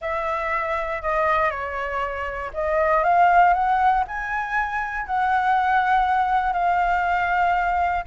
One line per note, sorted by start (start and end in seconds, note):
0.01 1.02 E5
1.02 1.50 D#5
1.50 2.51 C#5
2.53 3.03 D#5
3.03 3.53 F5
3.53 4.03 F#5
4.07 5.06 G#5
5.06 6.52 F#5
6.52 8.04 F5